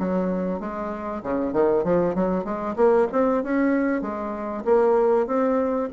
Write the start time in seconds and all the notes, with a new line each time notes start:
0.00 F#3
0.61 G#3
1.23 C#3
1.53 D#3
1.85 F3
2.15 F#3
2.45 G#3
2.76 A#3
3.12 C4
3.44 C#4
4.02 G#3
4.65 A#3
5.27 C4